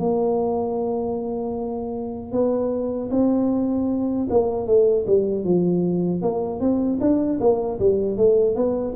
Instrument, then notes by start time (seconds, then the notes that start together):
tuba
0.00 A#3
2.32 B3
3.11 C4
4.30 A#3
4.67 A3
5.07 G3
5.44 F3
6.22 A#3
6.61 C4
7.01 D4
7.41 A#3
7.80 G3
8.17 A3
8.56 B3